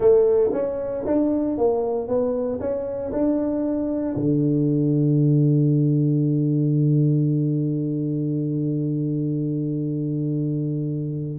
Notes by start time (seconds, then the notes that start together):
0.00 A3
0.52 C#4
1.06 D4
1.57 A#3
2.08 B3
2.60 C#4
3.12 D4
4.15 D3